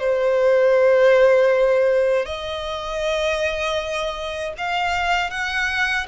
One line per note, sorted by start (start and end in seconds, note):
0.00 2.26 C5
2.26 4.54 D#5
4.58 5.31 F5
5.31 6.07 F#5